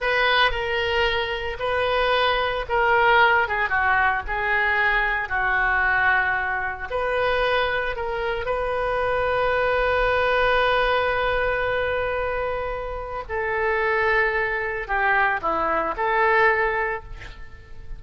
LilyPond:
\new Staff \with { instrumentName = "oboe" } { \time 4/4 \tempo 4 = 113 b'4 ais'2 b'4~ | b'4 ais'4. gis'8 fis'4 | gis'2 fis'2~ | fis'4 b'2 ais'4 |
b'1~ | b'1~ | b'4 a'2. | g'4 e'4 a'2 | }